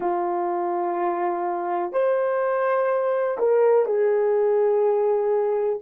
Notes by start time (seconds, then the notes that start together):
0.00 F4
1.92 C5
3.38 A#4
3.85 G#4